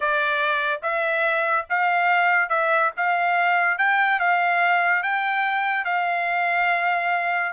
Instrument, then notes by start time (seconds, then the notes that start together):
trumpet
0.00 D5
0.82 E5
1.69 F5
2.49 E5
2.97 F5
3.77 G5
4.19 F5
5.02 G5
5.84 F5